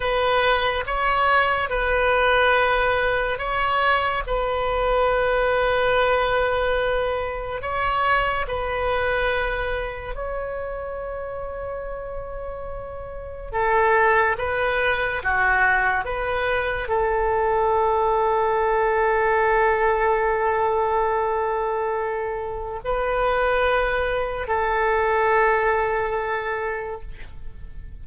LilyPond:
\new Staff \with { instrumentName = "oboe" } { \time 4/4 \tempo 4 = 71 b'4 cis''4 b'2 | cis''4 b'2.~ | b'4 cis''4 b'2 | cis''1 |
a'4 b'4 fis'4 b'4 | a'1~ | a'2. b'4~ | b'4 a'2. | }